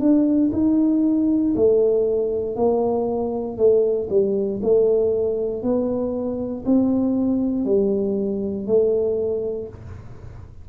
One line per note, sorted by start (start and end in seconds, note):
0.00 0.51 D4
0.53 1.54 D#4
1.56 2.56 A3
2.56 3.58 A#3
3.58 4.09 A3
4.10 4.61 G3
4.63 5.63 A3
5.63 6.65 B3
6.66 7.65 C4
7.65 8.67 G3
8.67 9.68 A3